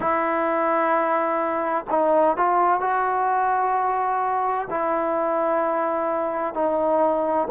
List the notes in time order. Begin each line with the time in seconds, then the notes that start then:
0.00 E4
1.90 D#4
2.37 F4
2.80 F#4
4.70 E4
6.54 D#4